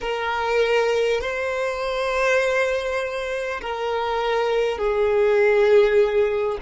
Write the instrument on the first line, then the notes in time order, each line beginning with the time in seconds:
violin
0.00 A#4
1.21 C5
3.61 A#4
4.78 G#4